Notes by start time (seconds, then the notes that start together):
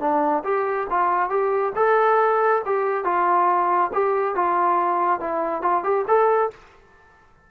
0.00 D4
0.44 G4
0.90 F4
1.29 G4
1.76 A4
2.66 G4
3.04 F4
3.93 G4
4.35 F4
5.20 E4
5.62 F4
5.84 G4
6.07 A4